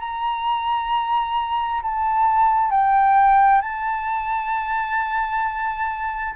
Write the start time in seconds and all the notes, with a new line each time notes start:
0.00 A#5
1.83 A5
2.71 G5
3.62 A5